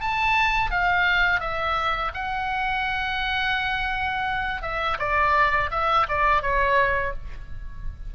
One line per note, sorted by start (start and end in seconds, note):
0.00 0.70 A5
0.70 1.40 F5
1.40 2.11 E5
2.14 4.62 F#5
4.62 4.97 E5
4.98 5.70 D5
5.71 6.06 E5
6.08 6.42 D5
6.42 7.13 C#5